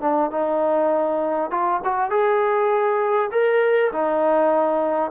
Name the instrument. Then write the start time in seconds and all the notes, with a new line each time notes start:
trombone
0.00 D4
0.31 D#4
1.50 F4
1.84 F#4
2.10 G#4
3.31 A#4
3.92 D#4